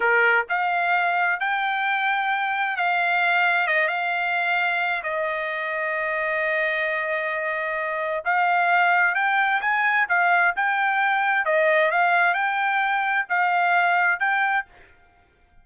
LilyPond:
\new Staff \with { instrumentName = "trumpet" } { \time 4/4 \tempo 4 = 131 ais'4 f''2 g''4~ | g''2 f''2 | dis''8 f''2~ f''8 dis''4~ | dis''1~ |
dis''2 f''2 | g''4 gis''4 f''4 g''4~ | g''4 dis''4 f''4 g''4~ | g''4 f''2 g''4 | }